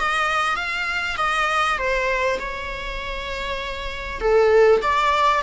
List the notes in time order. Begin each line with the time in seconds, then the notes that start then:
0.00 D#5
0.56 F5
1.18 D#5
1.78 C5
2.39 C#5
4.21 A4
4.82 D5